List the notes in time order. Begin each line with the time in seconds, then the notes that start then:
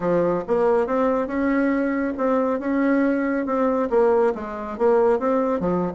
0.00 F3
0.47 A#3
0.86 C4
1.27 C#4
2.17 C4
2.59 C#4
3.45 C4
3.89 A#3
4.34 G#3
4.77 A#3
5.19 C4
5.60 F3